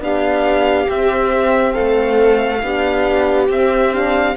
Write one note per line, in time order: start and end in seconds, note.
0.00 0.87 B3
0.00 0.87 D4
0.00 1.73 G4
0.00 0.90 F5
0.87 2.61 C4
0.87 1.75 C4
0.87 1.73 E5
1.73 2.60 A4
1.73 3.47 F5
1.80 2.62 A3
2.62 3.49 B3
2.62 3.49 D4
2.62 4.36 G4
3.49 4.36 C4
3.49 3.92 C4
3.49 3.94 E5
3.92 4.36 D4
3.92 4.36 F5